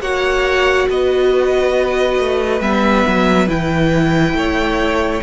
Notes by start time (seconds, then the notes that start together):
0.00 A#3 F#4 C#5 F#5
0.88 B3 B4 D#5
2.19 A3
2.61 G3 B3 E5
3.07 F#3
3.48 E3 E4 G5
4.34 A3 C#5